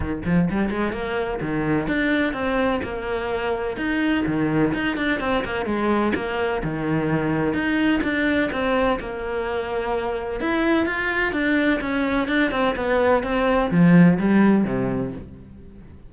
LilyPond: \new Staff \with { instrumentName = "cello" } { \time 4/4 \tempo 4 = 127 dis8 f8 g8 gis8 ais4 dis4 | d'4 c'4 ais2 | dis'4 dis4 dis'8 d'8 c'8 ais8 | gis4 ais4 dis2 |
dis'4 d'4 c'4 ais4~ | ais2 e'4 f'4 | d'4 cis'4 d'8 c'8 b4 | c'4 f4 g4 c4 | }